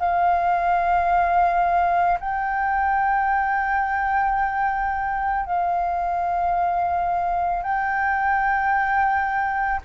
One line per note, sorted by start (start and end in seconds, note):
0.00 2.18 F5
2.20 5.46 G5
5.46 7.63 F5
7.63 9.81 G5